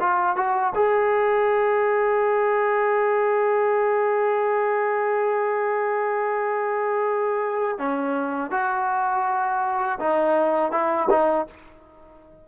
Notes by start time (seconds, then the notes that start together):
0.00 F4
0.36 F#4
0.74 G#4
7.78 C#4
8.50 F#4
9.99 D#4
10.71 E4
11.09 D#4